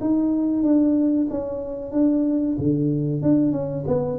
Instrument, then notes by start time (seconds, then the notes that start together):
tuba
0.00 D#4
0.62 D4
1.30 C#4
1.91 D4
2.58 D3
3.22 D4
3.52 C#4
3.87 B3